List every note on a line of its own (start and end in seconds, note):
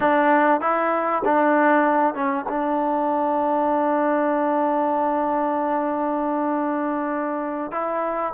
0.00 0.60 D4
0.60 1.22 E4
1.24 2.14 D4
2.14 2.45 C#4
2.48 7.71 D4
7.71 8.33 E4